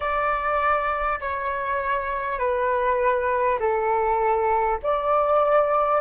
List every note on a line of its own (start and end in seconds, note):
0.00 1.19 D5
1.20 2.38 C#5
2.38 3.58 B4
3.59 4.79 A4
4.82 6.01 D5